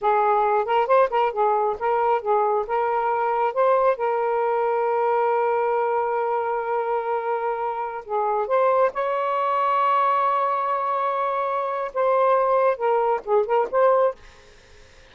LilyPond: \new Staff \with { instrumentName = "saxophone" } { \time 4/4 \tempo 4 = 136 gis'4. ais'8 c''8 ais'8 gis'4 | ais'4 gis'4 ais'2 | c''4 ais'2.~ | ais'1~ |
ais'2~ ais'16 gis'4 c''8.~ | c''16 cis''2.~ cis''8.~ | cis''2. c''4~ | c''4 ais'4 gis'8 ais'8 c''4 | }